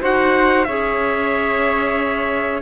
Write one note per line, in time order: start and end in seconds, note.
0.00 0.67 D#4
0.00 0.65 F#4
0.00 0.66 C5
0.00 0.64 F#5
0.64 2.62 C#4
0.64 2.62 G#4
0.64 2.62 C#5
0.64 2.60 E5